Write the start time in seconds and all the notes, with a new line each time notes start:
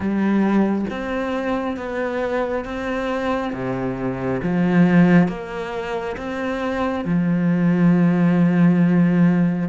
0.00 G3
0.90 C4
1.76 B3
2.65 C4
3.53 C3
4.42 F3
5.28 A#3
6.16 C4
7.04 F3